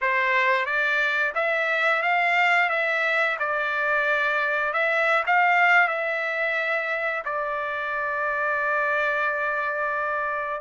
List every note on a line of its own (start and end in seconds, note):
0.01 0.65 C5
0.65 1.33 D5
1.35 2.02 E5
2.02 2.69 F5
2.69 3.37 E5
3.39 4.73 D5
4.73 5.23 E5
5.26 5.88 F5
5.88 7.23 E5
7.24 10.60 D5